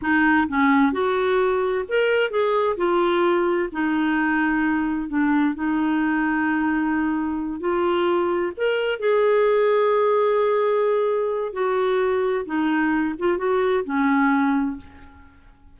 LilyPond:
\new Staff \with { instrumentName = "clarinet" } { \time 4/4 \tempo 4 = 130 dis'4 cis'4 fis'2 | ais'4 gis'4 f'2 | dis'2. d'4 | dis'1~ |
dis'8 f'2 ais'4 gis'8~ | gis'1~ | gis'4 fis'2 dis'4~ | dis'8 f'8 fis'4 cis'2 | }